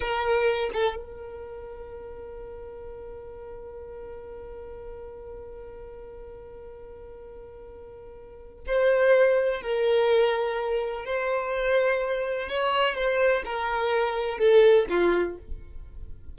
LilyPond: \new Staff \with { instrumentName = "violin" } { \time 4/4 \tempo 4 = 125 ais'4. a'8 ais'2~ | ais'1~ | ais'1~ | ais'1~ |
ais'2 c''2 | ais'2. c''4~ | c''2 cis''4 c''4 | ais'2 a'4 f'4 | }